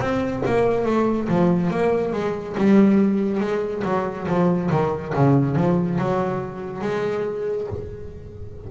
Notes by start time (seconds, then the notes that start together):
0.00 C4
0.46 A#3
0.86 A3
1.29 F3
1.71 A#3
2.13 G#3
2.58 G3
3.41 G#3
3.85 F#3
4.28 F3
4.71 D#3
5.14 C#3
5.56 F3
5.99 F#3
6.82 G#3